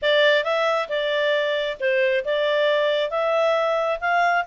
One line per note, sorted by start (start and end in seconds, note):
0.02 0.44 D5
0.44 0.88 E5
0.88 1.77 D5
1.80 2.24 C5
2.24 3.10 D5
3.10 3.99 E5
4.00 4.44 F5